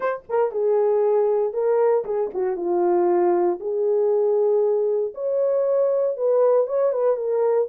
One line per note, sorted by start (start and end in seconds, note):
0.00 0.23 C5
0.29 0.51 A#4
0.51 1.53 G#4
1.53 2.04 A#4
2.04 2.30 G#4
2.33 2.56 F#4
2.56 3.59 F4
3.59 5.13 G#4
5.14 6.16 C#5
6.16 6.66 B4
6.66 6.92 C#5
6.92 7.16 B4
7.16 7.67 A#4